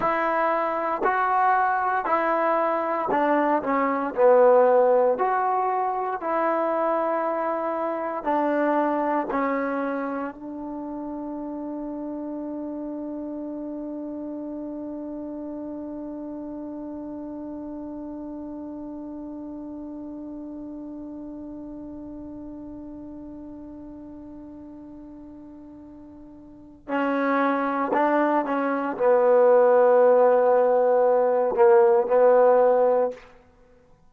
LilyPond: \new Staff \with { instrumentName = "trombone" } { \time 4/4 \tempo 4 = 58 e'4 fis'4 e'4 d'8 cis'8 | b4 fis'4 e'2 | d'4 cis'4 d'2~ | d'1~ |
d'1~ | d'1~ | d'2 cis'4 d'8 cis'8 | b2~ b8 ais8 b4 | }